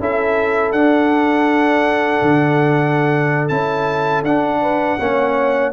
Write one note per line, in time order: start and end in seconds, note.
0.00 0.73 C#4
0.00 0.75 E4
0.00 4.62 A4
0.00 0.73 E5
0.73 2.21 D4
0.73 3.50 D4
0.73 3.49 F#5
2.22 3.51 D3
3.49 4.24 C#4
3.49 4.24 E4
3.49 4.23 A5
4.24 4.98 D4
4.24 4.99 D4
4.24 5.73 F#5
4.62 4.99 B4
4.99 5.73 A#3
4.99 5.73 C#4
4.99 5.73 C#5